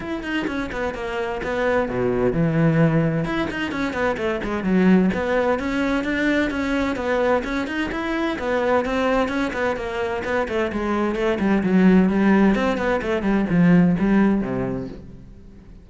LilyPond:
\new Staff \with { instrumentName = "cello" } { \time 4/4 \tempo 4 = 129 e'8 dis'8 cis'8 b8 ais4 b4 | b,4 e2 e'8 dis'8 | cis'8 b8 a8 gis8 fis4 b4 | cis'4 d'4 cis'4 b4 |
cis'8 dis'8 e'4 b4 c'4 | cis'8 b8 ais4 b8 a8 gis4 | a8 g8 fis4 g4 c'8 b8 | a8 g8 f4 g4 c4 | }